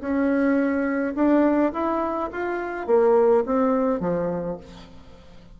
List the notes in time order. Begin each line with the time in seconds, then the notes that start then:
0.00 C#4
1.15 D4
1.72 E4
2.32 F4
2.86 A#3
3.45 C4
4.00 F3